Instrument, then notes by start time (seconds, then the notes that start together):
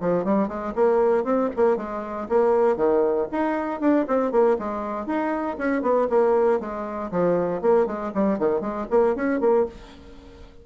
bassoon
0.00 F3
0.24 G3
0.48 G#3
0.75 A#3
1.24 C4
1.56 A#3
1.77 G#3
2.28 A#3
2.76 D#3
3.31 D#4
3.80 D4
4.07 C4
4.31 A#3
4.58 G#3
5.06 D#4
5.57 C#4
5.82 B3
6.09 A#3
6.60 G#3
7.11 F3
7.61 A#3
7.86 G#3
8.14 G3
8.38 D#3
8.60 G#3
8.90 A#3
9.15 C#4
9.40 A#3